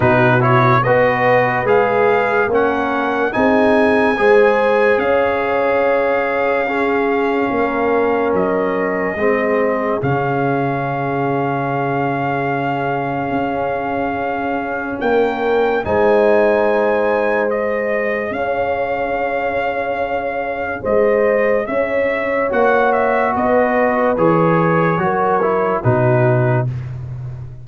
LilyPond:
<<
  \new Staff \with { instrumentName = "trumpet" } { \time 4/4 \tempo 4 = 72 b'8 cis''8 dis''4 f''4 fis''4 | gis''2 f''2~ | f''2 dis''2 | f''1~ |
f''2 g''4 gis''4~ | gis''4 dis''4 f''2~ | f''4 dis''4 e''4 fis''8 e''8 | dis''4 cis''2 b'4 | }
  \new Staff \with { instrumentName = "horn" } { \time 4/4 fis'4 b'2 ais'4 | gis'4 c''4 cis''2 | gis'4 ais'2 gis'4~ | gis'1~ |
gis'2 ais'4 c''4~ | c''2 cis''2~ | cis''4 c''4 cis''2 | b'2 ais'4 fis'4 | }
  \new Staff \with { instrumentName = "trombone" } { \time 4/4 dis'8 e'8 fis'4 gis'4 cis'4 | dis'4 gis'2. | cis'2. c'4 | cis'1~ |
cis'2. dis'4~ | dis'4 gis'2.~ | gis'2. fis'4~ | fis'4 gis'4 fis'8 e'8 dis'4 | }
  \new Staff \with { instrumentName = "tuba" } { \time 4/4 b,4 b4 gis4 ais4 | c'4 gis4 cis'2~ | cis'4 ais4 fis4 gis4 | cis1 |
cis'2 ais4 gis4~ | gis2 cis'2~ | cis'4 gis4 cis'4 ais4 | b4 e4 fis4 b,4 | }
>>